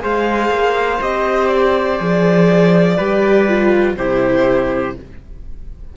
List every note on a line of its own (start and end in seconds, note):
0.00 0.50 G#3
0.00 0.98 G#4
0.00 2.97 C5
0.00 1.02 F5
0.50 0.99 A#3
1.01 2.00 C4
1.01 1.99 G4
1.01 1.48 D#5
1.48 3.94 D5
1.99 2.98 F3
1.99 2.97 G#4
2.97 3.97 G3
2.97 3.48 G4
2.97 3.95 B4
3.48 3.97 F4
3.97 4.95 C3
3.97 4.97 E4
3.97 4.97 G4
3.97 4.95 C5